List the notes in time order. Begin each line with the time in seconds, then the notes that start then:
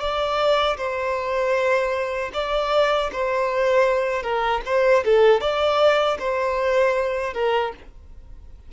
0.00 D5
0.78 C5
2.34 D5
3.13 C5
4.23 A#4
4.66 C5
5.05 A4
5.41 D5
6.19 C5
7.34 A#4